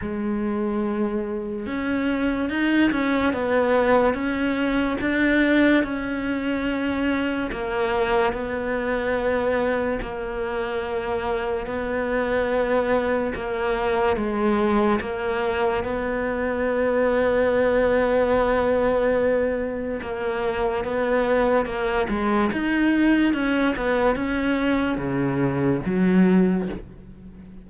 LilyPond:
\new Staff \with { instrumentName = "cello" } { \time 4/4 \tempo 4 = 72 gis2 cis'4 dis'8 cis'8 | b4 cis'4 d'4 cis'4~ | cis'4 ais4 b2 | ais2 b2 |
ais4 gis4 ais4 b4~ | b1 | ais4 b4 ais8 gis8 dis'4 | cis'8 b8 cis'4 cis4 fis4 | }